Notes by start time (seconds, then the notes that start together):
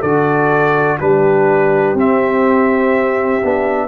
0.00 D3 F#4 A4 D5
0.98 G3 D4 G4 B4
1.94 C4 E5
3.43 B3 D4